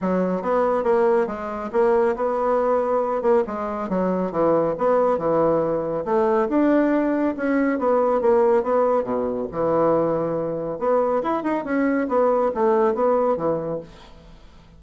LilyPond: \new Staff \with { instrumentName = "bassoon" } { \time 4/4 \tempo 4 = 139 fis4 b4 ais4 gis4 | ais4 b2~ b8 ais8 | gis4 fis4 e4 b4 | e2 a4 d'4~ |
d'4 cis'4 b4 ais4 | b4 b,4 e2~ | e4 b4 e'8 dis'8 cis'4 | b4 a4 b4 e4 | }